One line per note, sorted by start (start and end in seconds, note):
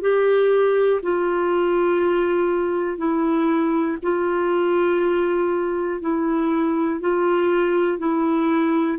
0.00 1.00 G4
1.02 2.97 F4
2.97 3.97 E4
4.02 6.00 F4
6.00 7.00 E4
7.00 7.98 F4
7.98 8.98 E4